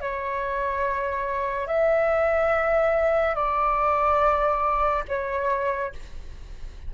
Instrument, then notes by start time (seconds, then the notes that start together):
flute
0.00 C#5
1.67 E5
3.35 D5
5.08 C#5